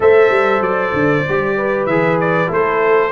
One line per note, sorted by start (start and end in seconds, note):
0.00 0.30 A3
0.00 1.24 A4
0.00 1.57 C5
0.00 0.62 E5
0.30 0.61 G3
0.61 0.92 F#3
0.61 1.86 D5
0.93 1.24 D3
1.28 1.86 G3
1.28 1.90 G4
1.57 2.49 B4
1.86 2.49 E3
1.86 2.47 G#4
1.86 2.17 E5
2.20 2.51 D5
2.47 3.12 A3
2.47 3.09 E4
2.47 3.12 A4
2.47 3.12 C5